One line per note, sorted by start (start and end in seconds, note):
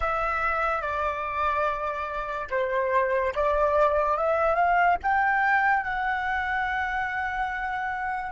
0.00 0.81 E5
0.81 2.48 D5
2.50 3.33 C5
3.35 4.17 D5
4.17 4.55 E5
4.55 4.97 F5
5.02 5.83 G5
5.83 8.31 F#5